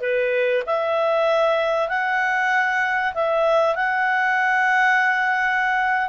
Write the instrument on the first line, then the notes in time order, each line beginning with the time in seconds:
clarinet
0.00 B4
0.66 E5
1.88 F#5
3.14 E5
3.75 F#5